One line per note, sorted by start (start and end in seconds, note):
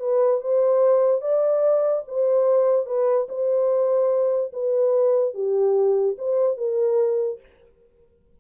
0.00 0.41 B4
0.41 1.21 C5
1.21 2.03 D5
2.08 2.86 C5
2.86 3.27 B4
3.29 4.52 C5
4.53 5.34 B4
5.34 6.16 G4
6.18 6.58 C5
6.58 7.40 A#4